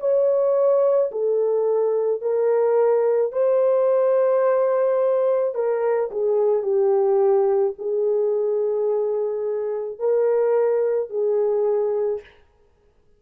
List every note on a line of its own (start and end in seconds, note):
0.00 1.11 C#5
1.12 2.22 A4
2.22 3.32 A#4
3.32 5.55 C5
5.55 6.11 A#4
6.11 6.63 G#4
6.63 7.74 G4
7.79 9.99 G#4
9.99 11.10 A#4
11.10 12.21 G#4